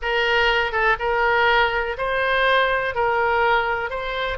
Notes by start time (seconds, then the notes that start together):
0.02 A#4
0.72 A4
0.99 A#4
1.97 C5
2.94 A#4
3.89 C5